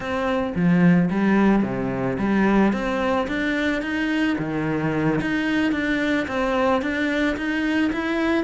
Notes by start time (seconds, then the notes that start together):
0.00 C4
0.55 F3
1.10 G3
1.62 C3
2.18 G3
2.72 C4
3.27 D4
3.82 D#4
4.38 D#3
5.21 D#4
5.72 D4
6.27 C4
6.82 D4
7.36 D#4
7.92 E4